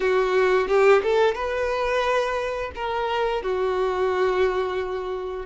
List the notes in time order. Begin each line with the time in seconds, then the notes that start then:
0.00 F#4
0.68 G4
1.02 A4
1.35 B4
2.75 A#4
3.42 F#4